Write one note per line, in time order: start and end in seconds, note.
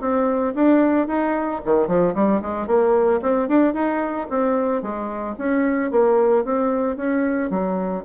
0.00 0.54 C4
0.55 1.07 D4
1.07 1.60 D#4
1.65 1.87 D#3
1.87 2.14 F3
2.14 2.41 G3
2.41 2.67 G#3
2.67 3.20 A#3
3.22 3.48 C4
3.48 3.74 D4
3.74 4.27 D#4
4.29 4.82 C4
4.82 5.35 G#3
5.38 5.91 C#4
5.91 6.44 A#3
6.44 6.96 C4
6.96 7.50 C#4
7.50 8.04 F#3